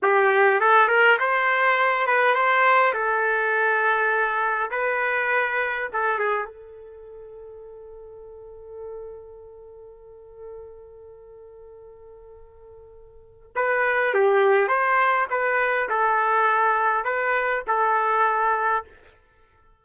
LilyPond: \new Staff \with { instrumentName = "trumpet" } { \time 4/4 \tempo 4 = 102 g'4 a'8 ais'8 c''4. b'8 | c''4 a'2. | b'2 a'8 gis'8 a'4~ | a'1~ |
a'1~ | a'2. b'4 | g'4 c''4 b'4 a'4~ | a'4 b'4 a'2 | }